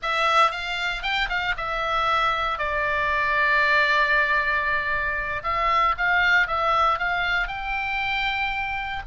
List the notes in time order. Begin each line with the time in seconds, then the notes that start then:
0.02 E5
0.51 F5
1.02 G5
1.29 F5
1.57 E5
2.58 D5
5.43 E5
5.97 F5
6.47 E5
6.99 F5
7.47 G5